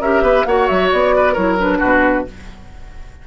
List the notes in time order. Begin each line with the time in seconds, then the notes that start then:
0.00 C#4 G4 A#4 E5
0.21 B3 B4
0.46 A#3 F#4 C#5 F#5
0.67 F#3 E5
0.91 B3 D5
1.16 B4
1.33 F#3 E4 A#4 C#5
1.58 D4 B4
1.79 B2 F#4